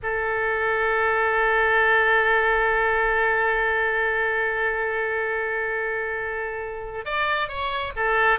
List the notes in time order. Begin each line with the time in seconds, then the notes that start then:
0.02 A4
7.05 D5
7.48 C#5
7.96 A4